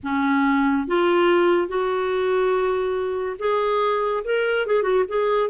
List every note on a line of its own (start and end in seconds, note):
0.03 0.87 C#4
0.87 1.67 F4
1.67 3.36 F#4
3.38 4.23 G#4
4.24 4.66 A#4
4.66 4.82 G#4
4.82 5.04 F#4
5.08 5.49 G#4